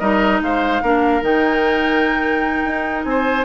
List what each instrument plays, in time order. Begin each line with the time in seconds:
0.00 bassoon G3, clarinet D#4, oboe A#4, flute D#5
0.41 bassoon G#3, oboe C5, flute F5
0.82 bassoon A#3, clarinet D4, oboe A#4
1.22 bassoon D#3, clarinet D#4, flute G5
2.64 bassoon D#4
3.04 bassoon C4, oboe C5, flute G#5